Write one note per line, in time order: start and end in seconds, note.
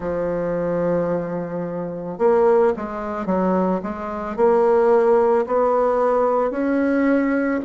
0.00 2.18 F3
2.18 2.73 A#3
2.76 3.26 G#3
3.26 3.80 F#3
3.82 4.36 G#3
4.36 5.45 A#3
5.46 6.51 B3
6.51 7.60 C#4